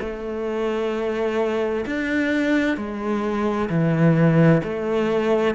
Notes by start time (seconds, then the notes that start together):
0.00 A3
1.86 D4
2.77 G#3
3.69 E3
4.64 A3